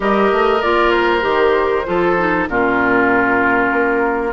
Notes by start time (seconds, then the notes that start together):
0.00 G3 G4 A#4 D#5
0.31 A3
0.62 A#3 F4 D5
0.91 C5
1.21 D#3 G4
1.85 F3 F4 A4
2.17 D#4
2.48 A#2 C#4 F4 A#4
3.71 A#3